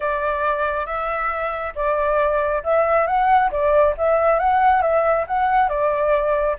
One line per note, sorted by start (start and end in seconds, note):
0.00 0.86 D5
0.86 1.73 E5
1.75 2.63 D5
2.63 3.06 E5
3.06 3.50 F#5
3.51 3.94 D5
3.97 4.39 E5
4.39 4.82 F#5
4.82 5.25 E5
5.27 5.68 F#5
5.68 6.56 D5